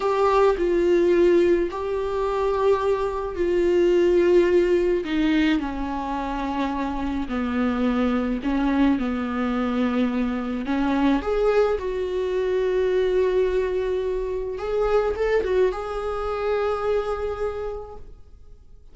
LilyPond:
\new Staff \with { instrumentName = "viola" } { \time 4/4 \tempo 4 = 107 g'4 f'2 g'4~ | g'2 f'2~ | f'4 dis'4 cis'2~ | cis'4 b2 cis'4 |
b2. cis'4 | gis'4 fis'2.~ | fis'2 gis'4 a'8 fis'8 | gis'1 | }